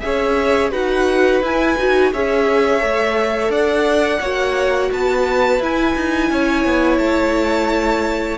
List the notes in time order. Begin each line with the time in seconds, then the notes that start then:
0.00 C#4 G#4 E5
0.06 C#5
0.72 D#4 F#4 B4 F#5
1.41 E4 G#5
1.78 D#4 F#4
2.13 C#4 G#4 C#5 E5
2.80 A3 A4
3.49 D4 D5 F#5
4.21 A#3 F#4 C#5
4.92 B3 B4 A5
5.59 E4 G#5
5.96 D#4
6.31 C#4 C#5
6.65 B3
6.99 A3 A5